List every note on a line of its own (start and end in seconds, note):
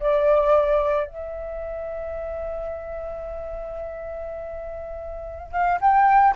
0.00 1.07 D5
1.07 5.52 E5
5.52 5.79 F5
5.81 6.35 G5